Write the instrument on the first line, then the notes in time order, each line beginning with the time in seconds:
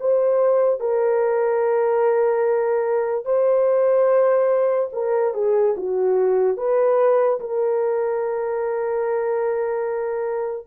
horn
0.00 C5
0.80 A#4
3.25 C5
4.93 A#4
5.34 G#4
5.77 F#4
6.57 B4
7.40 A#4